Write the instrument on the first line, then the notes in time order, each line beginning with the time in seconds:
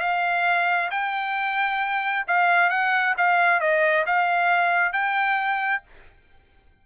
trumpet
0.00 F5
0.90 G5
2.27 F5
2.70 F#5
3.17 F5
3.60 D#5
4.06 F5
4.92 G5